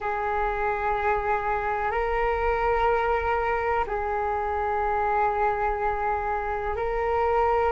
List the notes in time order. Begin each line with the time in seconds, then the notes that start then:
0.00 G#4
1.91 A#4
3.87 G#4
6.76 A#4